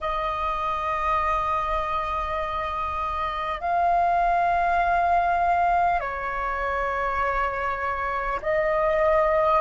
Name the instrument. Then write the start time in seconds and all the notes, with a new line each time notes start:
flute
0.00 D#5
3.61 F5
5.99 C#5
8.42 D#5